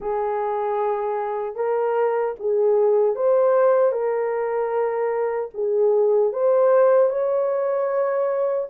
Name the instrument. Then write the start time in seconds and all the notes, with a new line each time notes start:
horn
0.00 G#4
1.55 A#4
2.39 G#4
3.15 C5
3.92 A#4
5.53 G#4
6.32 C5
7.09 C#5